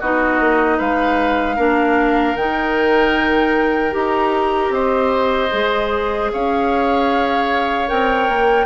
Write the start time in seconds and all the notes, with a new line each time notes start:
0.00 B3 D#4 F#4 D#5
0.40 A#3
0.78 G#3 B4 F5
1.56 A#3 D4 A#4
2.35 D#3 D#4 G5
3.91 D#4 G4 A#5
4.70 C4 C5 D#5
5.51 G#3 G#4
6.33 C#4 C#5 F5
7.88 C4 A#4 G5
8.29 A#3